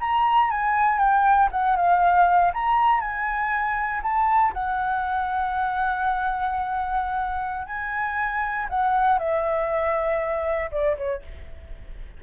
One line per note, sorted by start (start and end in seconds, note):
0.00 0.50 A#5
0.50 0.99 G#5
0.99 1.49 G5
1.51 1.76 F#5
1.76 2.52 F5
2.53 3.00 A#5
3.00 4.01 G#5
4.02 4.53 A5
4.53 7.67 F#5
7.67 8.67 G#5
8.69 9.19 F#5
9.19 10.70 E5
10.71 10.97 D5
10.97 11.22 C#5